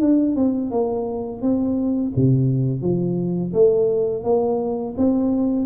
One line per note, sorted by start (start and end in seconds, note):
0.00 0.35 D4
0.35 0.70 C4
0.70 1.41 A#3
1.41 2.11 C4
2.15 2.81 C3
2.81 3.52 F3
3.53 4.23 A3
4.23 4.94 A#3
4.97 5.66 C4